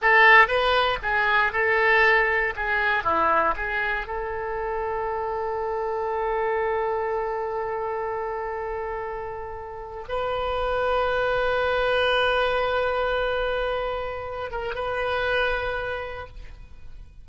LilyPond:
\new Staff \with { instrumentName = "oboe" } { \time 4/4 \tempo 4 = 118 a'4 b'4 gis'4 a'4~ | a'4 gis'4 e'4 gis'4 | a'1~ | a'1~ |
a'2.~ a'8. b'16~ | b'1~ | b'1~ | b'8 ais'8 b'2. | }